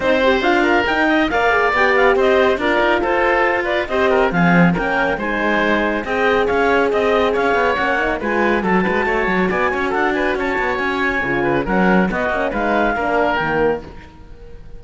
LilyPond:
<<
  \new Staff \with { instrumentName = "clarinet" } { \time 4/4 \tempo 4 = 139 c''4 f''4 g''4 f''4 | g''8 f''8 dis''4 d''4 c''4~ | c''8 d''8 dis''4 f''4 g''4 | gis''2 g''4 f''4 |
dis''4 f''4 fis''4 gis''4 | a''2 gis''4 fis''8 gis''8 | a''4 gis''2 fis''4 | dis''4 f''2 g''4 | }
  \new Staff \with { instrumentName = "oboe" } { \time 4/4 c''4. ais'4 dis''8 d''4~ | d''4 c''4 ais'4 a'4~ | a'8 b'8 c''8 ais'8 gis'4 ais'4 | c''2 dis''4 cis''4 |
dis''4 cis''2 b'4 | a'8 b'8 cis''4 d''8 cis''8 a'8 b'8 | cis''2~ cis''8 b'8 ais'4 | fis'4 b'4 ais'2 | }
  \new Staff \with { instrumentName = "horn" } { \time 4/4 dis'8 g'8 f'4 dis'4 ais'8 gis'8 | g'2 f'2~ | f'4 g'4 c'4 cis'4 | dis'2 gis'2~ |
gis'2 cis'8 dis'8 f'4 | fis'1~ | fis'2 f'4 cis'4 | b8 cis'8 dis'4 d'4 ais4 | }
  \new Staff \with { instrumentName = "cello" } { \time 4/4 c'4 d'4 dis'4 ais4 | b4 c'4 d'8 dis'8 f'4~ | f'4 c'4 f4 ais4 | gis2 c'4 cis'4 |
c'4 cis'8 b8 ais4 gis4 | fis8 gis8 a8 fis8 b8 cis'8 d'4 | cis'8 b8 cis'4 cis4 fis4 | b8 ais8 gis4 ais4 dis4 | }
>>